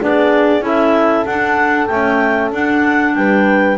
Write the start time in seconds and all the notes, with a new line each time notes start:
0.00 B3 D4 G#4 D5
0.61 C#4 E4 A4 E5
1.26 D4 F#5
1.87 A3 C#4 G5
2.52 D4 F#5
3.15 G3 B4 G5